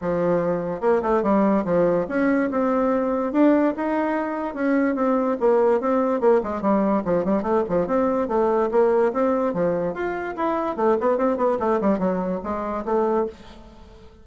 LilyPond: \new Staff \with { instrumentName = "bassoon" } { \time 4/4 \tempo 4 = 145 f2 ais8 a8 g4 | f4 cis'4 c'2 | d'4 dis'2 cis'4 | c'4 ais4 c'4 ais8 gis8 |
g4 f8 g8 a8 f8 c'4 | a4 ais4 c'4 f4 | f'4 e'4 a8 b8 c'8 b8 | a8 g8 fis4 gis4 a4 | }